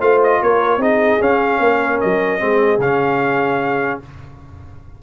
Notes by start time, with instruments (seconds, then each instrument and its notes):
0.00 tuba A3, trombone F4, horn C5, trumpet F5
0.23 trumpet D#5
0.42 tuba A#3, horn A#4, trumpet C#5
0.77 tuba C4, trombone D#4, horn G#4, trumpet D#5
1.20 tuba C#4, trombone C#4, trumpet F5
1.59 tuba A#3, horn A#4
2.01 tuba F#3, trumpet D#5
2.39 tuba G#3, trombone C4, horn G#4
2.78 tuba C#3, trombone C#4, trumpet F5